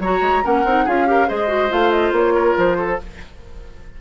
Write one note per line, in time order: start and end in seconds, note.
0.00 0.21 F#3
0.00 0.44 F#4
0.00 0.44 C#5
0.00 0.46 A#5
0.22 0.43 G#3
0.44 0.65 A#3
0.44 0.65 C#4
0.44 0.85 A#4
0.44 0.89 F#5
0.65 0.87 C4
0.65 0.88 D#4
0.85 1.30 C#4
0.85 1.07 F4
0.85 1.06 G#4
0.85 1.30 F5
1.07 1.28 G4
1.07 1.28 A#4
1.28 1.73 G#3
1.28 1.48 G#4
1.28 2.35 C5
1.28 1.73 D#5
1.48 1.69 F#4
1.70 2.12 A3
1.70 2.97 F4
1.70 1.91 F5
1.91 2.13 D#5
2.12 2.55 A#3
2.12 2.59 C#5
2.35 2.77 A#4
2.58 3.00 F3
2.58 3.02 C5
2.79 3.00 A4